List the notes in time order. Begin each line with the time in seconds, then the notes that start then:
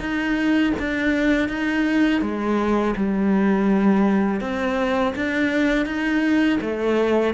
0.00 D#4
0.79 D4
1.49 D#4
2.22 G#3
2.96 G3
4.41 C4
5.16 D4
5.86 D#4
6.61 A3